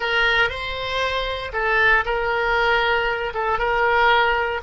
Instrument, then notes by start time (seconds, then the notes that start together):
oboe
0.00 A#4
0.49 C5
1.52 A4
2.05 A#4
3.34 A4
3.58 A#4